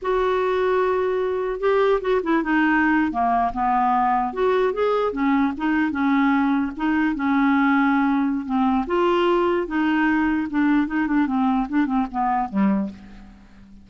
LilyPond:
\new Staff \with { instrumentName = "clarinet" } { \time 4/4 \tempo 4 = 149 fis'1 | g'4 fis'8 e'8 dis'4.~ dis'16 ais16~ | ais8. b2 fis'4 gis'16~ | gis'8. cis'4 dis'4 cis'4~ cis'16~ |
cis'8. dis'4 cis'2~ cis'16~ | cis'4 c'4 f'2 | dis'2 d'4 dis'8 d'8 | c'4 d'8 c'8 b4 g4 | }